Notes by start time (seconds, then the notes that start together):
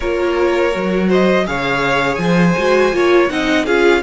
0.00 A#3 F4 A#4 C#5
0.71 F#3 F#4
1.08 C5 D#5
1.46 C#3 G#4 C#5 F5
2.15 F3 G#5
2.23 C5
2.57 G#3 F#4
2.92 A#3 F4 C#5
3.29 C4 D#4 D#5 F#5
3.65 C#4 F4 G#4 F5